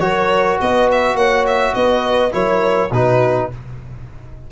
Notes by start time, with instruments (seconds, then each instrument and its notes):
0.00 tuba F#3, trombone F#4, horn A#4, violin C#5
0.61 tuba B3, horn B4, violin D#5
0.92 violin E5
1.15 tuba A#3, horn C#5, violin F#5
1.47 violin E5
1.74 tuba B3, horn B4, violin D#5
2.32 tuba F#3, trombone E4, horn A#4, violin C#5
2.91 tuba B2, trombone D#4, horn F#4, violin B4